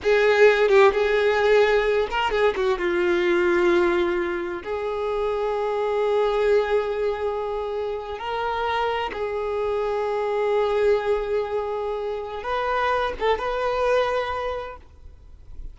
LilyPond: \new Staff \with { instrumentName = "violin" } { \time 4/4 \tempo 4 = 130 gis'4. g'8 gis'2~ | gis'8 ais'8 gis'8 fis'8 f'2~ | f'2 gis'2~ | gis'1~ |
gis'4.~ gis'16 ais'2 gis'16~ | gis'1~ | gis'2. b'4~ | b'8 a'8 b'2. | }